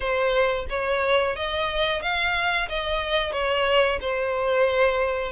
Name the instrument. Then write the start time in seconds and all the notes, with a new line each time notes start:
violin
0.00 C5
0.69 C#5
1.36 D#5
2.02 F5
2.68 D#5
3.32 C#5
4.01 C5